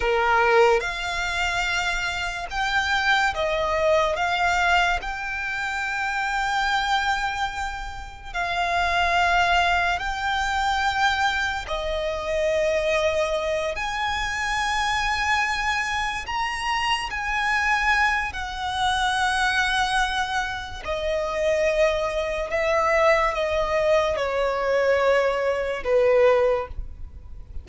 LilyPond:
\new Staff \with { instrumentName = "violin" } { \time 4/4 \tempo 4 = 72 ais'4 f''2 g''4 | dis''4 f''4 g''2~ | g''2 f''2 | g''2 dis''2~ |
dis''8 gis''2. ais''8~ | ais''8 gis''4. fis''2~ | fis''4 dis''2 e''4 | dis''4 cis''2 b'4 | }